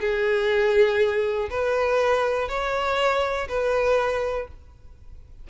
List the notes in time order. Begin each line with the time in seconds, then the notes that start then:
0.00 G#4
1.50 B4
2.48 C#5
3.48 B4